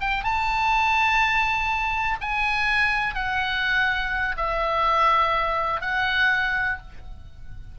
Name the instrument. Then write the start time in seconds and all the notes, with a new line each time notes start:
oboe
0.00 G5
0.24 A5
2.21 G#5
3.15 F#5
4.37 E5
5.81 F#5